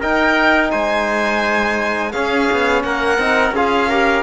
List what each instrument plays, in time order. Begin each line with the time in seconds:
0.00 trombone D#4, cello D#4, trumpet A#4, violin G5
0.71 cello G#3, trumpet C5, violin G#5
2.12 cello C#4, trombone C#4, trumpet G#4, violin F5
2.51 cello B3
2.83 cello A#3, trumpet A#4, violin F#5
3.18 cello C4, trombone D#4
3.51 cello C#4, trombone F4, trumpet G#4, violin F5
3.88 trombone G4, trumpet A#4